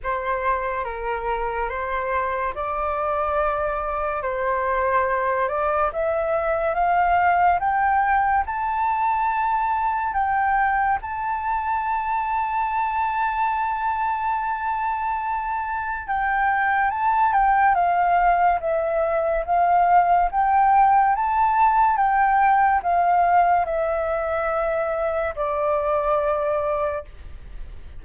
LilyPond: \new Staff \with { instrumentName = "flute" } { \time 4/4 \tempo 4 = 71 c''4 ais'4 c''4 d''4~ | d''4 c''4. d''8 e''4 | f''4 g''4 a''2 | g''4 a''2.~ |
a''2. g''4 | a''8 g''8 f''4 e''4 f''4 | g''4 a''4 g''4 f''4 | e''2 d''2 | }